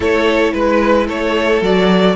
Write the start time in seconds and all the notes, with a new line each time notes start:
0.00 A3 E4 A4 C#5
0.53 G#3 B4
1.07 A3 A4 C#5
1.61 F#3 F#4 D5